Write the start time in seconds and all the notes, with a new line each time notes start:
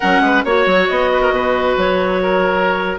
0.00 F#3 C#4 A#4 F#5
0.20 G#3 B4
0.44 A#3 F#4 C#5
0.66 F#3
0.88 B3 D#5
1.12 B4
1.21 A#4
1.31 B2 B4
1.77 F#3 C#5
2.22 A#4